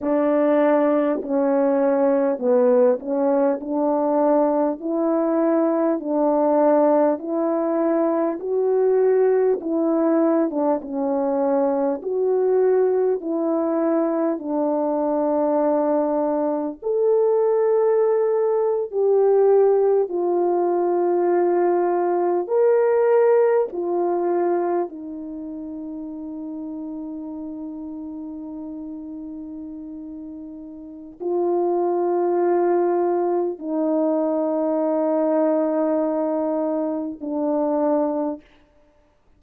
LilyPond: \new Staff \with { instrumentName = "horn" } { \time 4/4 \tempo 4 = 50 d'4 cis'4 b8 cis'8 d'4 | e'4 d'4 e'4 fis'4 | e'8. d'16 cis'4 fis'4 e'4 | d'2 a'4.~ a'16 g'16~ |
g'8. f'2 ais'4 f'16~ | f'8. dis'2.~ dis'16~ | dis'2 f'2 | dis'2. d'4 | }